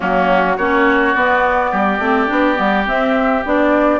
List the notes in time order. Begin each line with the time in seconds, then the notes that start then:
0.00 F#3 A#3 C#4 F#4
0.57 A#3 C#4 F#4 C#5
1.15 B3 D5
1.71 G3 G4
1.98 A3 C4
2.27 B3 D4
2.55 G3 B3
2.85 C4 E5
3.45 B3 D4 D5